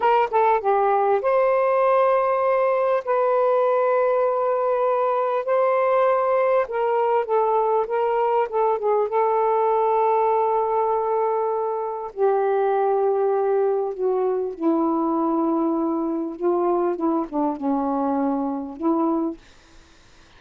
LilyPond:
\new Staff \with { instrumentName = "saxophone" } { \time 4/4 \tempo 4 = 99 ais'8 a'8 g'4 c''2~ | c''4 b'2.~ | b'4 c''2 ais'4 | a'4 ais'4 a'8 gis'8 a'4~ |
a'1 | g'2. fis'4 | e'2. f'4 | e'8 d'8 cis'2 e'4 | }